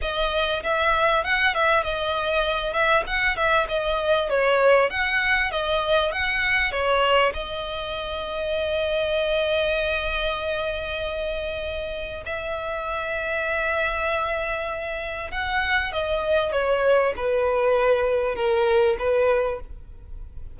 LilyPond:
\new Staff \with { instrumentName = "violin" } { \time 4/4 \tempo 4 = 98 dis''4 e''4 fis''8 e''8 dis''4~ | dis''8 e''8 fis''8 e''8 dis''4 cis''4 | fis''4 dis''4 fis''4 cis''4 | dis''1~ |
dis''1 | e''1~ | e''4 fis''4 dis''4 cis''4 | b'2 ais'4 b'4 | }